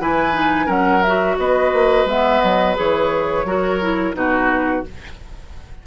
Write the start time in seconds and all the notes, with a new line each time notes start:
0.00 E3 E4 B4 G#5
0.33 D#4
0.66 F#3 C#4 A#4 F#5
1.02 F#4 E5
1.38 B3 B4 D#5
1.73 A#3
2.05 G#3 B3 E5
2.41 F#3 D#5
2.76 E3 G#4 C#5
3.44 F#3 F#4 A#4
3.81 E4
4.14 B2 D#4 F#4 B4